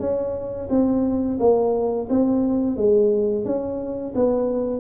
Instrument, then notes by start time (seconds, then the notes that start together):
tuba
0.00 C#4
0.70 C4
1.39 A#3
2.10 C4
2.77 G#3
3.45 C#4
4.15 B3